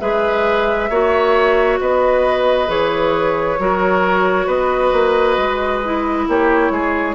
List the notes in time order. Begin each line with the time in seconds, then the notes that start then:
0.00 G#3 G#4 B4 E5
0.90 A#3 F#4 C#5
1.81 B3 B4 D#5
2.67 E3 G#4 C#5
3.60 F#3 F#4 A#4
4.47 B3 B4 D#5
4.93 A#3
5.38 G#3
5.85 E4
6.28 A#3 G4 C#5
6.71 G#3 G#4